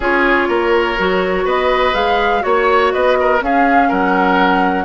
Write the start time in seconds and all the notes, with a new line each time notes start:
0.00 C#4 F4 G#4 C#5
0.48 A#3 A#4
0.98 F#3 F#4
1.44 B3 B4 D#5
1.93 G#3 G#4 F5
2.40 A#3 F#4 C#5
2.92 B3 B4 D#5
3.19 A#4
3.40 C#4 G#4 F5
3.88 F#3 A#4 F#5